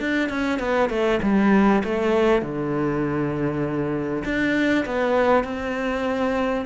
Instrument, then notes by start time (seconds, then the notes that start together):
cello
0.00 D4
0.29 C#4
0.59 B3
0.89 A3
1.22 G3
1.84 A3
2.42 D3
4.24 D4
4.85 B3
5.44 C4